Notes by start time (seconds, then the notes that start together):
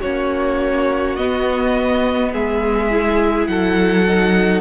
0.00 A#3 C#4 F#4 C#5
1.15 B3 D#5
2.33 G#3 G#4 E5
2.90 E4
3.47 F#3 A4 F#5
4.07 D#4